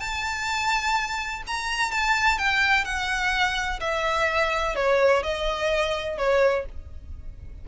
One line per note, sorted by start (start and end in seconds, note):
0.00 1.43 A5
1.47 1.92 A#5
1.92 2.39 A5
2.39 2.85 G5
2.85 3.80 F#5
3.81 4.76 E5
4.76 5.23 C#5
5.23 6.18 D#5
6.18 6.66 C#5